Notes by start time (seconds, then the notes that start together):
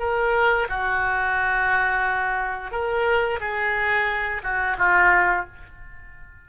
0.00 A#4
0.70 F#4
2.72 A#4
3.41 G#4
4.43 F#4
4.79 F4